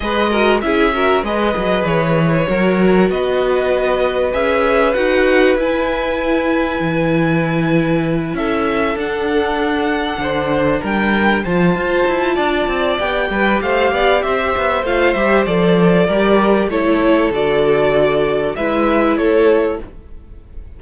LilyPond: <<
  \new Staff \with { instrumentName = "violin" } { \time 4/4 \tempo 4 = 97 dis''4 e''4 dis''4 cis''4~ | cis''4 dis''2 e''4 | fis''4 gis''2.~ | gis''4. e''4 fis''4.~ |
fis''4. g''4 a''4.~ | a''4 g''4 f''4 e''4 | f''8 e''8 d''2 cis''4 | d''2 e''4 cis''4 | }
  \new Staff \with { instrumentName = "violin" } { \time 4/4 b'8 ais'8 gis'8 ais'8 b'2 | ais'4 b'2.~ | b'1~ | b'4. a'2~ a'8~ |
a'8 c''4 ais'4 c''4. | d''4. b'8 c''8 d''8 c''4~ | c''2 ais'4 a'4~ | a'2 b'4 a'4 | }
  \new Staff \with { instrumentName = "viola" } { \time 4/4 gis'8 fis'8 e'8 fis'8 gis'2 | fis'2. gis'4 | fis'4 e'2.~ | e'2~ e'8 d'4.~ |
d'2~ d'8 f'4.~ | f'4 g'2. | f'8 g'8 a'4 g'4 e'4 | fis'2 e'2 | }
  \new Staff \with { instrumentName = "cello" } { \time 4/4 gis4 cis'4 gis8 fis8 e4 | fis4 b2 cis'4 | dis'4 e'2 e4~ | e4. cis'4 d'4.~ |
d'8 d4 g4 f8 f'8 e'8 | d'8 c'8 b8 g8 a8 b8 c'8 b8 | a8 g8 f4 g4 a4 | d2 gis4 a4 | }
>>